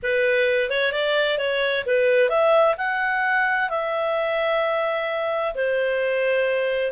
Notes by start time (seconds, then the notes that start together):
0.02 B4
0.69 C#5
0.91 D5
1.38 C#5
1.86 B4
2.29 E5
2.77 F#5
3.69 E5
5.54 C5